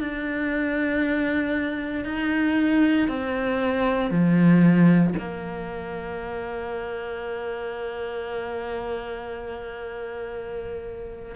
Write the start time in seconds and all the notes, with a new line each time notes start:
0.00 D4
2.05 D#4
3.08 C4
4.11 F3
5.19 A#3